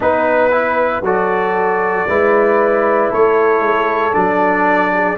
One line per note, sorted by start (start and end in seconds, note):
0.00 1.01 B3
0.00 0.51 D#4
0.00 1.04 B4
0.51 1.02 E4
1.01 2.04 F#3
1.01 2.08 F#4
1.01 2.08 A4
1.01 3.12 D5
2.07 3.10 G#3
2.07 4.13 E4
2.07 3.11 B4
3.11 3.60 A3
3.11 4.92 A4
3.11 4.13 C#5
3.60 4.12 G#3
4.13 5.18 F#3
4.13 5.16 D4
4.13 5.17 D5
4.92 5.18 G#4